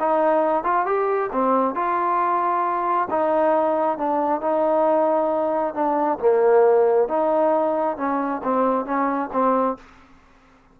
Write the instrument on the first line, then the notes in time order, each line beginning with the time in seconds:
trombone
0.00 D#4
0.64 F4
0.86 G4
1.32 C4
1.75 F4
3.10 D#4
3.98 D4
4.41 D#4
5.74 D4
6.19 A#3
7.08 D#4
7.97 C#4
8.44 C4
8.86 C#4
9.33 C4